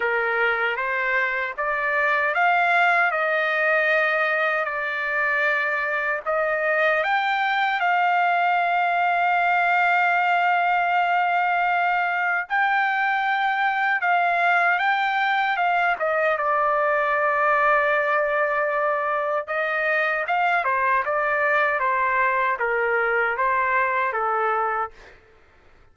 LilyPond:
\new Staff \with { instrumentName = "trumpet" } { \time 4/4 \tempo 4 = 77 ais'4 c''4 d''4 f''4 | dis''2 d''2 | dis''4 g''4 f''2~ | f''1 |
g''2 f''4 g''4 | f''8 dis''8 d''2.~ | d''4 dis''4 f''8 c''8 d''4 | c''4 ais'4 c''4 a'4 | }